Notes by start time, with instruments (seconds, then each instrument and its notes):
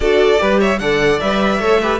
0.00 cello D4, viola F#4, violin A4 D5
0.37 cello G3, viola G4, violin B4
0.59 violin C#5 E5
0.78 cello D3, viola A4, violin D5 F#5
1.20 cello G3, viola B4, violin E5
1.59 cello A3, viola A4, violin C#5
1.81 viola G4, violin B4